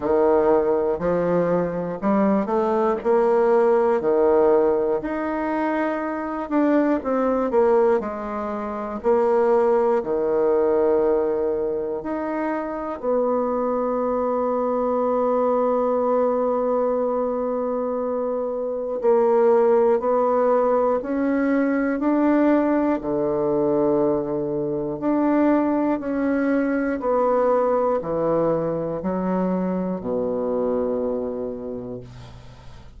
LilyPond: \new Staff \with { instrumentName = "bassoon" } { \time 4/4 \tempo 4 = 60 dis4 f4 g8 a8 ais4 | dis4 dis'4. d'8 c'8 ais8 | gis4 ais4 dis2 | dis'4 b2.~ |
b2. ais4 | b4 cis'4 d'4 d4~ | d4 d'4 cis'4 b4 | e4 fis4 b,2 | }